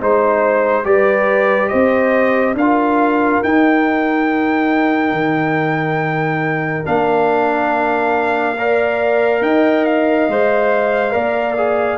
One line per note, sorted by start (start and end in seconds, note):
0.00 0.85 G#3
0.00 0.84 D#4
0.00 0.86 C5
0.84 1.70 G3
0.84 2.56 G4
0.84 1.70 B4
0.84 1.69 D5
1.69 2.54 C4
1.69 2.56 C5
1.69 2.55 D#5
2.54 3.40 D4
2.54 8.56 A#4
2.54 3.43 F5
2.61 3.44 F4
3.43 5.12 D#4
3.43 6.85 D#4
3.43 6.86 G5
5.12 6.84 D#3
6.85 9.42 A#3
6.85 8.57 D4
6.85 9.43 F5
8.58 10.30 A#4
8.58 9.43 D5
9.42 10.27 D#4
9.42 11.15 D#5
9.42 9.85 G5
9.85 11.98 F5
10.29 11.14 G#3
10.29 11.11 C5
11.11 11.98 A#3
11.11 11.54 A#4
11.11 11.98 D5
11.57 11.98 G#4